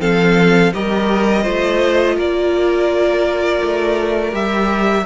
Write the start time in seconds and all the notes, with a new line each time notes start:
0.00 F3 C4 A4 F5
0.73 G3 G4 A#4 D#5
1.43 A3 F4 C5
2.16 A#3 A#4 D5
3.63 A3
4.33 G3 G4 E5